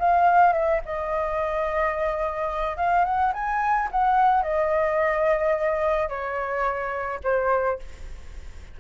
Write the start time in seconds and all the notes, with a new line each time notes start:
0.00 F5
0.53 E5
0.85 D#5
2.77 F5
3.05 F#5
3.34 G#5
3.92 F#5
4.43 D#5
6.09 C#5
7.24 C5